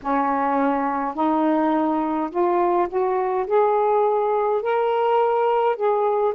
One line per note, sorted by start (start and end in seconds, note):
0.02 1.14 C#4
1.14 2.30 D#4
2.30 2.87 F4
2.88 3.46 F#4
3.46 4.62 G#4
4.62 5.75 A#4
5.75 6.33 G#4